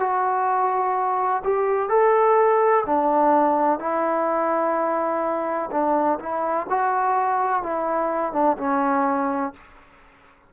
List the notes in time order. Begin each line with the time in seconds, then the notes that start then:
0.00 F#4
1.44 G4
1.90 A4
2.86 D4
3.80 E4
5.71 D4
6.19 E4
6.70 F#4
7.63 E4
8.33 D4
8.58 C#4